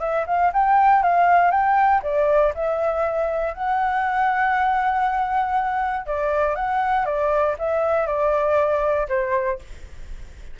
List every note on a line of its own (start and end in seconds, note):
0.00 0.25 E5
0.27 0.52 F5
0.53 1.03 G5
1.03 1.52 F5
1.52 2.02 G5
2.03 2.53 D5
2.55 3.54 E5
3.54 6.06 F#5
6.07 6.56 D5
6.56 7.06 F#5
7.06 7.56 D5
7.59 8.07 E5
8.07 9.08 D5
9.09 9.59 C5